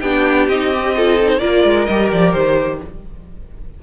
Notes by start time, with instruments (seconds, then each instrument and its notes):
0.00 cello B3, viola D4, violin G4 G5
0.48 cello C4, viola D#4, violin D#5
0.73 viola G4
0.95 viola F4, violin A4
1.22 viola D#4, violin C5
1.38 cello A#3, viola F4, violin A#4 D5
1.64 cello G#3
1.85 cello G3, viola G4, violin D#5
2.11 cello F3, violin D5
2.32 cello D#3, violin C5